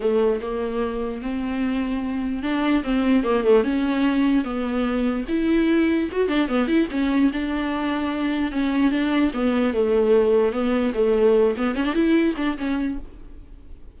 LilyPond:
\new Staff \with { instrumentName = "viola" } { \time 4/4 \tempo 4 = 148 a4 ais2 c'4~ | c'2 d'4 c'4 | ais8 a8 cis'2 b4~ | b4 e'2 fis'8 d'8 |
b8 e'8 cis'4 d'2~ | d'4 cis'4 d'4 b4 | a2 b4 a4~ | a8 b8 cis'16 d'16 e'4 d'8 cis'4 | }